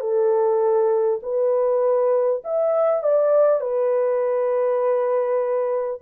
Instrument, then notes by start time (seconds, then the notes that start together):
horn
0.00 A4
1.22 B4
2.44 E5
3.02 D5
3.60 B4